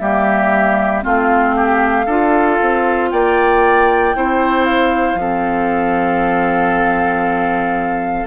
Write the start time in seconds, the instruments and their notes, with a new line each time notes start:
0.00 bassoon G3, clarinet A#3, oboe G4, flute E5
1.03 bassoon A3, clarinet C4, oboe F4, flute F5
1.56 oboe G4
2.06 bassoon D4, clarinet F4, oboe A4
2.62 bassoon C4
3.11 bassoon A#3, oboe D5, flute G5
4.15 bassoon C4, clarinet E4, oboe C5
4.66 flute F5
5.15 bassoon F3, clarinet C4
5.21 oboe A4